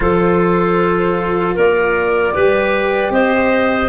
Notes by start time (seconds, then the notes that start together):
0.00 F3 F4 A4 C5
1.55 A#3 A#4 D5
2.34 G3 G4 B4
3.10 C4 C5 D#5